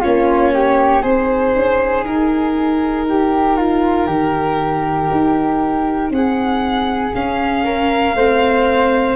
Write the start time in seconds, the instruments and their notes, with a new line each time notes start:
0.00 tuba A#3, viola C#4, flute F4, violin C#5
0.53 flute G4
1.01 tuba C4, viola D#4, flute G#4, violin C5
1.55 tuba C#4
2.05 tuba D#4, violin A#4
3.09 flute G4
3.56 flute F4
4.06 tuba D#3, flute G4
5.11 tuba D#4
6.10 tuba C4, flute G#4, violin F#5
7.14 tuba C#4, viola C#4, violin F5
7.63 flute A#4
8.14 tuba A3, viola C4, flute C5